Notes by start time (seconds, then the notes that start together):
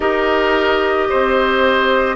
0.00 D#4 G4 A#4 D#5
1.09 C4 C5